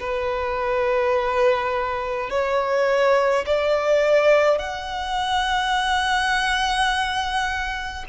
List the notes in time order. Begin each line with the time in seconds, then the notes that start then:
0.00 B4
2.30 C#5
3.47 D5
4.59 F#5